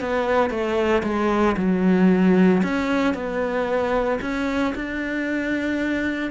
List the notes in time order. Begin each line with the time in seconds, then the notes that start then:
0.00 B3
0.50 A3
1.03 G#3
1.57 F#3
2.63 C#4
3.14 B3
4.21 C#4
4.75 D4